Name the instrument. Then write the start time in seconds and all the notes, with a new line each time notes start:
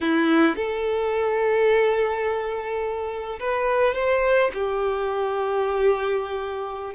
violin
0.00 E4
0.56 A4
3.39 B4
3.94 C5
4.53 G4